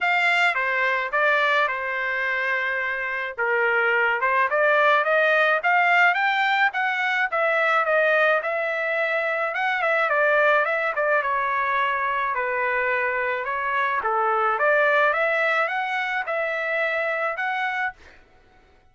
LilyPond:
\new Staff \with { instrumentName = "trumpet" } { \time 4/4 \tempo 4 = 107 f''4 c''4 d''4 c''4~ | c''2 ais'4. c''8 | d''4 dis''4 f''4 g''4 | fis''4 e''4 dis''4 e''4~ |
e''4 fis''8 e''8 d''4 e''8 d''8 | cis''2 b'2 | cis''4 a'4 d''4 e''4 | fis''4 e''2 fis''4 | }